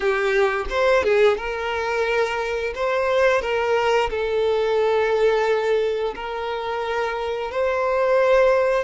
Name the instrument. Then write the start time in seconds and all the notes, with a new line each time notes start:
violin
0.00 G4
0.69 C5
1.03 G#4
1.37 A#4
2.75 C5
3.41 A#4
4.09 A4
6.15 A#4
7.51 C5